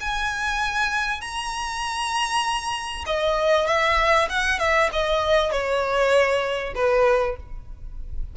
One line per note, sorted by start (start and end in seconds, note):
0.00 1.21 G#5
1.21 3.04 A#5
3.06 3.67 D#5
3.67 4.28 E5
4.29 4.59 F#5
4.59 4.89 E5
4.92 5.51 D#5
5.51 6.73 C#5
6.75 7.36 B4